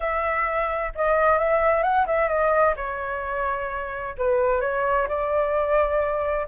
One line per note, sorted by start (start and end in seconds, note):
0.00 0.93 E5
0.95 1.38 D#5
1.38 1.82 E5
1.82 2.05 F#5
2.06 2.28 E5
2.28 2.74 D#5
2.76 4.15 C#5
4.17 4.60 B4
4.60 5.07 C#5
5.07 6.46 D5